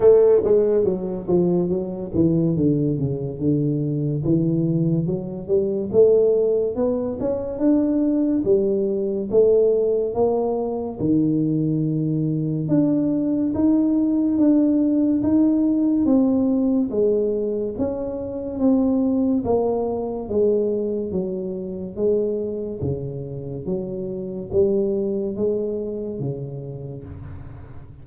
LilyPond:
\new Staff \with { instrumentName = "tuba" } { \time 4/4 \tempo 4 = 71 a8 gis8 fis8 f8 fis8 e8 d8 cis8 | d4 e4 fis8 g8 a4 | b8 cis'8 d'4 g4 a4 | ais4 dis2 d'4 |
dis'4 d'4 dis'4 c'4 | gis4 cis'4 c'4 ais4 | gis4 fis4 gis4 cis4 | fis4 g4 gis4 cis4 | }